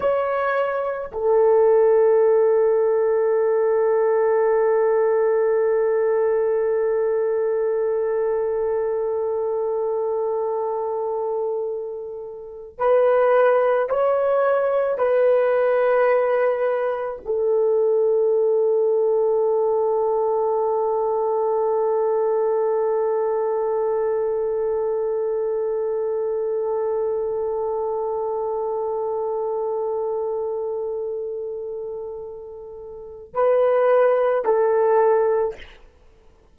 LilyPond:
\new Staff \with { instrumentName = "horn" } { \time 4/4 \tempo 4 = 54 cis''4 a'2.~ | a'1~ | a'2.~ a'8 b'8~ | b'8 cis''4 b'2 a'8~ |
a'1~ | a'1~ | a'1~ | a'2 b'4 a'4 | }